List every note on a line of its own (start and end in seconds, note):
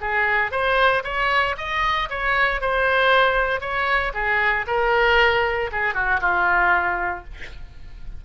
0.00 0.51 G#4
0.51 1.03 C5
1.03 1.55 C#5
1.57 2.09 D#5
2.09 2.61 C#5
2.61 3.60 C5
3.60 4.12 C#5
4.14 4.65 G#4
4.67 5.70 A#4
5.71 5.94 G#4
5.94 6.20 F#4
6.20 7.24 F4